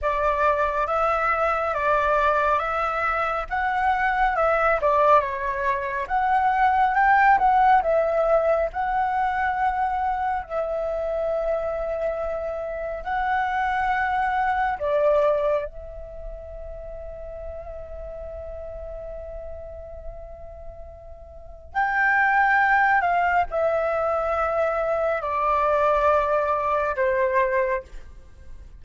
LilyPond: \new Staff \with { instrumentName = "flute" } { \time 4/4 \tempo 4 = 69 d''4 e''4 d''4 e''4 | fis''4 e''8 d''8 cis''4 fis''4 | g''8 fis''8 e''4 fis''2 | e''2. fis''4~ |
fis''4 d''4 e''2~ | e''1~ | e''4 g''4. f''8 e''4~ | e''4 d''2 c''4 | }